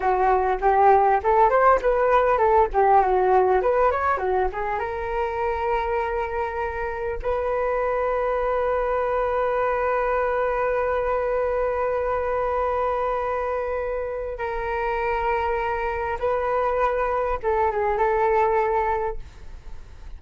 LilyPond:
\new Staff \with { instrumentName = "flute" } { \time 4/4 \tempo 4 = 100 fis'4 g'4 a'8 c''8 b'4 | a'8 g'8 fis'4 b'8 cis''8 fis'8 gis'8 | ais'1 | b'1~ |
b'1~ | b'1 | ais'2. b'4~ | b'4 a'8 gis'8 a'2 | }